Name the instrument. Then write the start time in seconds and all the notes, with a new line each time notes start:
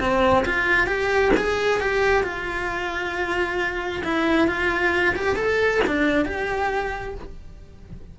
cello
0.00 C4
0.45 F4
0.86 G4
1.37 G#4
1.80 G4
2.23 F4
4.04 E4
4.47 F4
5.16 G4
5.36 A4
5.86 D4
6.25 G4